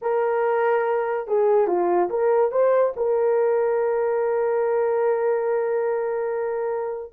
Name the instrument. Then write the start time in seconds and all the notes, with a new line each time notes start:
horn
0.01 A#4
1.27 G#4
1.67 F4
2.09 A#4
2.51 C5
2.96 A#4